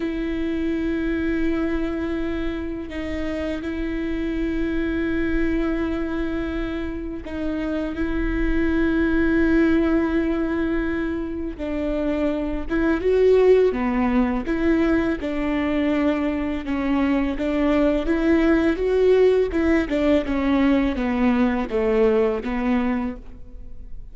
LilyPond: \new Staff \with { instrumentName = "viola" } { \time 4/4 \tempo 4 = 83 e'1 | dis'4 e'2.~ | e'2 dis'4 e'4~ | e'1 |
d'4. e'8 fis'4 b4 | e'4 d'2 cis'4 | d'4 e'4 fis'4 e'8 d'8 | cis'4 b4 a4 b4 | }